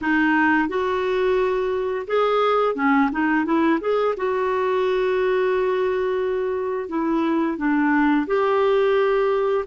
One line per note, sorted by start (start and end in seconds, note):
0.01 0.68 D#4
0.68 2.06 F#4
2.07 2.75 G#4
2.75 3.09 C#4
3.11 3.45 D#4
3.45 3.79 E4
3.80 4.14 G#4
4.16 6.88 F#4
6.88 7.57 E4
7.57 8.26 D4
8.26 9.64 G4